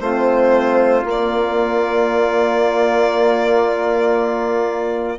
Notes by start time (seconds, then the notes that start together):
0.00 A3 C4 F4 C5
1.04 A#3 D5